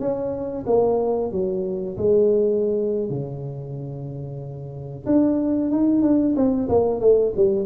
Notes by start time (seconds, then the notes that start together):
0.00 C#4
0.67 A#3
1.32 F#3
1.97 G#3
3.10 C#3
5.06 D4
5.71 D#4
6.02 D4
6.36 C4
6.69 A#3
7.01 A3
7.36 G3